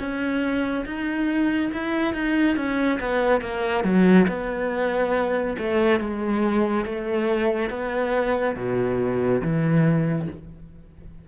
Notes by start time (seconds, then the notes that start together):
0.00 C#4
0.86 D#4
1.74 E4
2.14 D#4
2.57 C#4
3.00 B3
3.42 A#3
3.85 F#3
4.29 B3
5.59 A3
6.01 G#3
6.86 A3
7.71 B3
8.56 B2
9.42 E3